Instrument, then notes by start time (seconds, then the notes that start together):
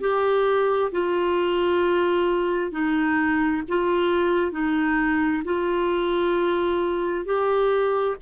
clarinet
0.00 G4
0.91 F4
2.71 D#4
3.68 F4
4.51 D#4
5.44 F4
7.25 G4